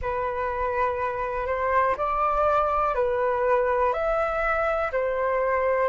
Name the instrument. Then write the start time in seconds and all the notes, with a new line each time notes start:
flute
0.01 B4
1.46 C5
1.97 D5
2.95 B4
3.93 E5
4.92 C5